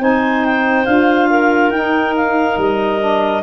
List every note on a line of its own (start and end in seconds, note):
0.00 0.86 C4
0.00 0.86 D#4
0.00 1.29 C5
0.00 0.46 G#5
0.46 0.86 G5
0.86 1.70 D4
0.86 1.73 F4
0.86 1.71 F5
1.30 3.43 A#4
1.70 2.56 D#4
1.70 3.00 D#4
1.70 2.14 G5
2.16 2.59 F5
2.58 3.43 G3
2.58 3.43 D#5
3.00 3.43 D4